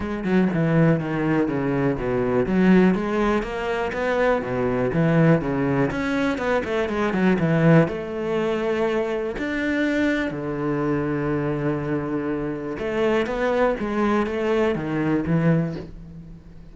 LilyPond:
\new Staff \with { instrumentName = "cello" } { \time 4/4 \tempo 4 = 122 gis8 fis8 e4 dis4 cis4 | b,4 fis4 gis4 ais4 | b4 b,4 e4 cis4 | cis'4 b8 a8 gis8 fis8 e4 |
a2. d'4~ | d'4 d2.~ | d2 a4 b4 | gis4 a4 dis4 e4 | }